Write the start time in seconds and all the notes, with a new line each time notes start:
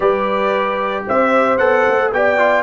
0.00 G3 G4 B4 D5
1.07 C4 C5 E5
1.57 B3 A4 F#5
1.88 A3
2.12 B3 G4 D5 G5
2.38 F4